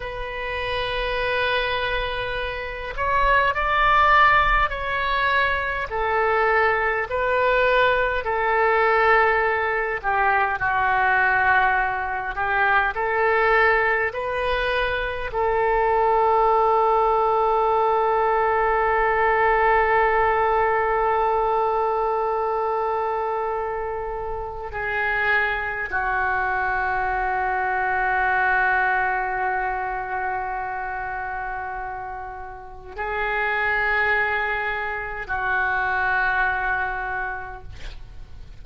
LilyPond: \new Staff \with { instrumentName = "oboe" } { \time 4/4 \tempo 4 = 51 b'2~ b'8 cis''8 d''4 | cis''4 a'4 b'4 a'4~ | a'8 g'8 fis'4. g'8 a'4 | b'4 a'2.~ |
a'1~ | a'4 gis'4 fis'2~ | fis'1 | gis'2 fis'2 | }